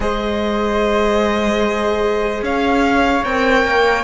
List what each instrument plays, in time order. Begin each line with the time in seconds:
0.00 cello G#3, viola G#4, flute C5, violin D#5
2.42 cello C#4, flute C#5, violin F5
3.24 cello C4, viola A#4, violin G5
3.64 cello A#3